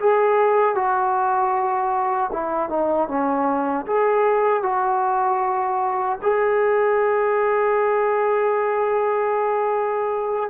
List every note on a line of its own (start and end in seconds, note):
0.00 0.75 G#4
0.75 2.31 F#4
2.33 2.70 E4
2.70 3.08 D#4
3.08 3.86 C#4
3.87 4.63 G#4
4.63 6.19 F#4
6.23 10.51 G#4